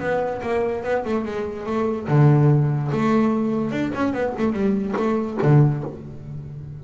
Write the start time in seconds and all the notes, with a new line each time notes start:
0.00 B3
0.43 A#3
0.84 B3
1.05 A3
1.25 G#3
1.66 A3
2.08 D3
2.92 A3
3.72 D4
3.95 C#4
4.13 B3
4.39 A3
4.53 G3
4.97 A3
5.43 D3